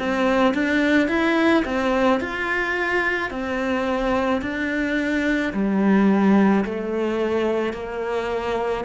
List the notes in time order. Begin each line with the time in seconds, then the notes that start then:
0.00 C4
0.55 D4
1.09 E4
1.65 C4
2.21 F4
3.31 C4
4.42 D4
5.54 G3
6.65 A3
7.74 A#3